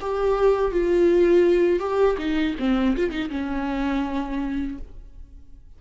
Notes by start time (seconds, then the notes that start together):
0.00 G4
0.71 F4
1.79 G4
2.18 D#4
2.59 C4
2.96 F4
3.10 D#4
3.29 C#4